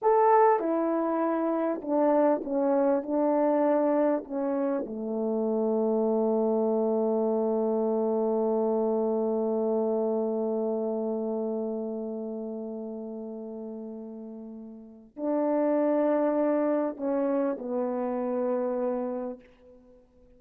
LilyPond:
\new Staff \with { instrumentName = "horn" } { \time 4/4 \tempo 4 = 99 a'4 e'2 d'4 | cis'4 d'2 cis'4 | a1~ | a1~ |
a1~ | a1~ | a4 d'2. | cis'4 b2. | }